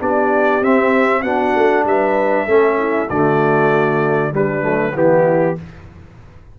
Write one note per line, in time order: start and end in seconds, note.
0.00 0.61 B3
0.00 0.62 D4
0.00 1.23 G4
0.00 0.64 D5
0.61 1.23 C4
0.61 1.24 C4
0.61 1.22 E5
1.22 1.54 B3
1.22 2.48 D4
1.22 1.84 F#4
1.22 1.84 F#5
1.55 1.85 A3
1.85 2.47 G3
1.85 2.46 B4
1.85 3.10 E5
2.46 3.09 A3
2.46 3.10 C#4
2.46 2.77 A4
2.79 3.09 E4
3.09 4.34 D3
3.09 4.32 A3
3.09 4.33 F#4
3.09 4.33 D5
4.32 4.62 G3
4.32 4.64 G3
4.32 4.94 D4
4.32 4.97 B4
4.62 4.95 F#3
4.62 4.93 A3
4.94 5.56 E3
4.94 5.56 B3
4.94 5.56 E4
4.94 5.59 G4